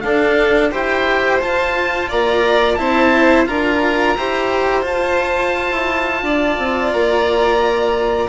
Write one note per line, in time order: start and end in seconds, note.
0.00 0.71 D4
0.00 0.71 A4
0.00 0.69 F5
0.71 1.41 E4
0.71 1.40 G4
0.71 2.09 C5
0.71 1.41 G5
1.41 2.77 F4
1.41 2.10 F4
1.41 2.10 A5
2.09 2.79 A#3
2.09 2.78 D5
2.09 2.74 A#5
2.74 3.48 C4
2.74 3.46 E4
2.74 3.48 C5
2.74 3.43 A5
3.46 4.17 D4
3.46 4.15 F4
3.46 4.17 A#4
3.46 4.85 A#5
4.17 4.85 E4
4.17 4.82 G4
4.17 6.24 C5
4.82 8.27 F4
4.82 5.71 F4
4.82 6.93 A5
5.71 6.22 E4
6.22 6.57 D4
6.22 8.29 D5
6.58 6.92 C4
6.93 8.29 A#3
6.93 8.29 A#5